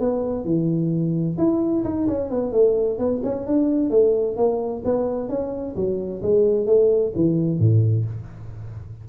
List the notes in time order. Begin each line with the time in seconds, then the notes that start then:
0.00 B3
0.45 E3
1.38 E4
1.84 D#4
2.07 C#4
2.30 B3
2.52 A3
2.99 B3
3.23 C#4
3.47 D4
3.90 A3
4.37 A#3
4.85 B3
5.29 C#4
5.76 F#3
6.22 G#3
6.67 A3
7.15 E3
7.59 A2